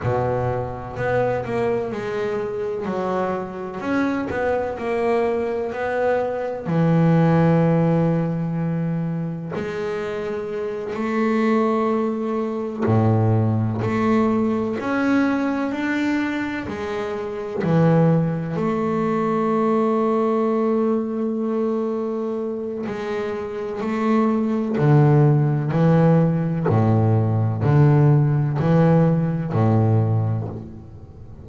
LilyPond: \new Staff \with { instrumentName = "double bass" } { \time 4/4 \tempo 4 = 63 b,4 b8 ais8 gis4 fis4 | cis'8 b8 ais4 b4 e4~ | e2 gis4. a8~ | a4. a,4 a4 cis'8~ |
cis'8 d'4 gis4 e4 a8~ | a1 | gis4 a4 d4 e4 | a,4 d4 e4 a,4 | }